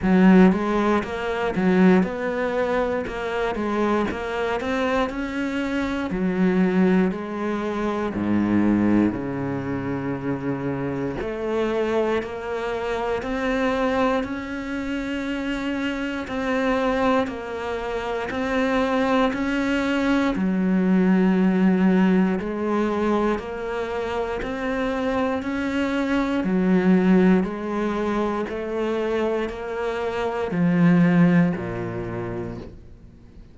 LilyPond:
\new Staff \with { instrumentName = "cello" } { \time 4/4 \tempo 4 = 59 fis8 gis8 ais8 fis8 b4 ais8 gis8 | ais8 c'8 cis'4 fis4 gis4 | gis,4 cis2 a4 | ais4 c'4 cis'2 |
c'4 ais4 c'4 cis'4 | fis2 gis4 ais4 | c'4 cis'4 fis4 gis4 | a4 ais4 f4 ais,4 | }